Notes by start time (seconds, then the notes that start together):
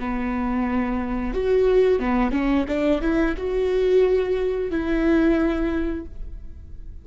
0.00 B3
1.34 F#4
2.00 B3
2.32 C#4
2.68 D4
3.02 E4
3.37 F#4
4.71 E4